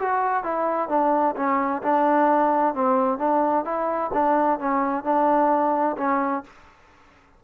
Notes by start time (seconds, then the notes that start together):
0.00 F#4
0.44 E4
0.89 D4
1.36 C#4
1.83 D4
2.75 C4
3.19 D4
3.65 E4
4.14 D4
4.60 C#4
5.04 D4
5.98 C#4